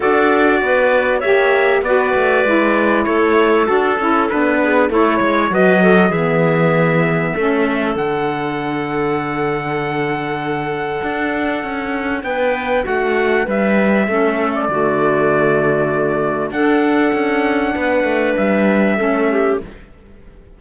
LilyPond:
<<
  \new Staff \with { instrumentName = "trumpet" } { \time 4/4 \tempo 4 = 98 d''2 e''4 d''4~ | d''4 cis''4 a'4 b'4 | cis''4 dis''4 e''2~ | e''4 fis''2.~ |
fis''1 | g''4 fis''4 e''4.~ e''16 d''16~ | d''2. fis''4~ | fis''2 e''2 | }
  \new Staff \with { instrumentName = "clarinet" } { \time 4/4 a'4 b'4 cis''4 b'4~ | b'4 a'2~ a'8 gis'8 | a'8 cis''8 b'8 a'8 gis'2 | a'1~ |
a'1 | b'4 fis'4 b'4 a'4 | fis'2. a'4~ | a'4 b'2 a'8 g'8 | }
  \new Staff \with { instrumentName = "saxophone" } { \time 4/4 fis'2 g'4 fis'4 | e'2 fis'8 e'8 d'4 | e'4 fis'4 b2 | cis'4 d'2.~ |
d'1~ | d'2. cis'4 | a2. d'4~ | d'2. cis'4 | }
  \new Staff \with { instrumentName = "cello" } { \time 4/4 d'4 b4 ais4 b8 a8 | gis4 a4 d'8 cis'8 b4 | a8 gis8 fis4 e2 | a4 d2.~ |
d2 d'4 cis'4 | b4 a4 g4 a4 | d2. d'4 | cis'4 b8 a8 g4 a4 | }
>>